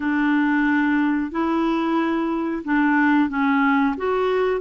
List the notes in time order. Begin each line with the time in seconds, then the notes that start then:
0.00 D4
1.31 E4
2.64 D4
3.29 C#4
3.97 F#4